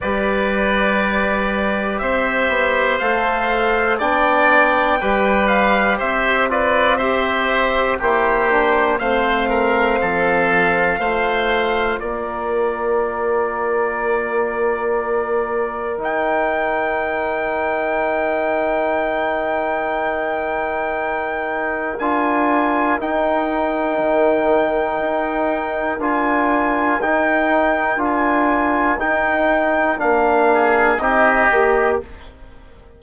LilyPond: <<
  \new Staff \with { instrumentName = "trumpet" } { \time 4/4 \tempo 4 = 60 d''2 e''4 f''4 | g''4. f''8 e''8 d''8 e''4 | c''4 f''2. | d''1 |
g''1~ | g''2 gis''4 g''4~ | g''2 gis''4 g''4 | gis''4 g''4 f''4 dis''4 | }
  \new Staff \with { instrumentName = "oboe" } { \time 4/4 b'2 c''2 | d''4 b'4 c''8 b'8 c''4 | g'4 c''8 ais'8 a'4 c''4 | ais'1~ |
ais'1~ | ais'1~ | ais'1~ | ais'2~ ais'8 gis'8 g'4 | }
  \new Staff \with { instrumentName = "trombone" } { \time 4/4 g'2. a'4 | d'4 g'4. f'8 g'4 | e'8 d'8 c'2 f'4~ | f'1 |
dis'1~ | dis'2 f'4 dis'4~ | dis'2 f'4 dis'4 | f'4 dis'4 d'4 dis'8 g'8 | }
  \new Staff \with { instrumentName = "bassoon" } { \time 4/4 g2 c'8 b8 a4 | b4 g4 c'2 | ais4 a4 f4 a4 | ais1 |
dis1~ | dis2 d'4 dis'4 | dis4 dis'4 d'4 dis'4 | d'4 dis'4 ais4 c'8 ais8 | }
>>